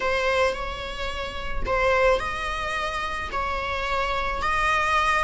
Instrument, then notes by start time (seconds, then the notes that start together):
viola
0.00 C5
0.53 C#5
1.65 C5
2.19 D#5
3.32 C#5
4.42 D#5